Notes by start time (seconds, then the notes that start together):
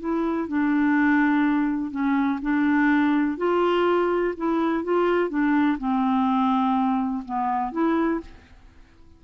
0.00 E4
0.49 D4
1.91 C#4
2.42 D4
3.38 F4
4.37 E4
4.84 F4
5.30 D4
5.79 C4
7.25 B3
7.72 E4